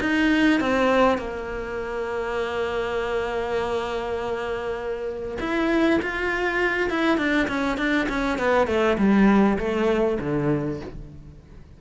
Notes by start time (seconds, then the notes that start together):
0.00 D#4
0.60 C4
1.18 A#3
5.40 E4
6.02 F4
6.90 E4
7.17 D4
7.48 C#4
7.77 D4
8.08 C#4
8.38 B3
8.67 A3
8.98 G3
9.58 A3
10.20 D3